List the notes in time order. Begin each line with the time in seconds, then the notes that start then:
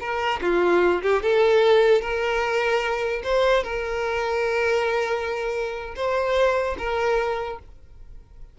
0.00 A#4
0.41 F4
1.02 G4
1.23 A4
2.01 A#4
3.23 C5
3.64 A#4
5.96 C5
6.78 A#4